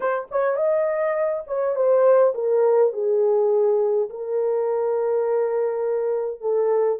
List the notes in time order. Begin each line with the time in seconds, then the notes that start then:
0.00 C5
0.31 C#5
0.55 D#5
1.46 C#5
1.75 C5
2.34 A#4
2.93 G#4
4.09 A#4
6.41 A4